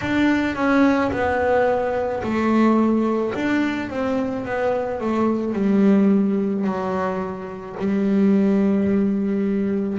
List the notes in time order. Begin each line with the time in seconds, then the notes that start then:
0.01 D4
0.56 C#4
1.11 B3
2.23 A3
3.34 D4
3.89 C4
4.45 B3
5.00 A3
5.53 G3
6.64 F#3
7.79 G3